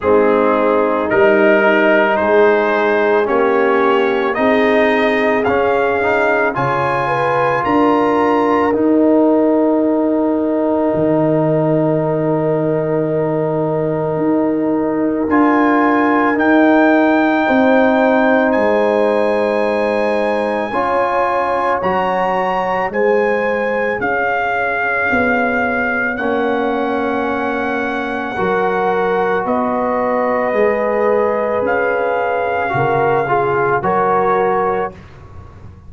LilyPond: <<
  \new Staff \with { instrumentName = "trumpet" } { \time 4/4 \tempo 4 = 55 gis'4 ais'4 c''4 cis''4 | dis''4 f''4 gis''4 ais''4 | g''1~ | g''2 gis''4 g''4~ |
g''4 gis''2. | ais''4 gis''4 f''2 | fis''2. dis''4~ | dis''4 f''2 cis''4 | }
  \new Staff \with { instrumentName = "horn" } { \time 4/4 dis'2 gis'4 g'4 | gis'2 cis''8 b'8 ais'4~ | ais'1~ | ais'1 |
c''2. cis''4~ | cis''4 c''4 cis''2~ | cis''2 ais'4 b'4~ | b'2 ais'8 gis'8 ais'4 | }
  \new Staff \with { instrumentName = "trombone" } { \time 4/4 c'4 dis'2 cis'4 | dis'4 cis'8 dis'8 f'2 | dis'1~ | dis'2 f'4 dis'4~ |
dis'2. f'4 | fis'4 gis'2. | cis'2 fis'2 | gis'2 fis'8 f'8 fis'4 | }
  \new Staff \with { instrumentName = "tuba" } { \time 4/4 gis4 g4 gis4 ais4 | c'4 cis'4 cis4 d'4 | dis'2 dis2~ | dis4 dis'4 d'4 dis'4 |
c'4 gis2 cis'4 | fis4 gis4 cis'4 b4 | ais2 fis4 b4 | gis4 cis'4 cis4 fis4 | }
>>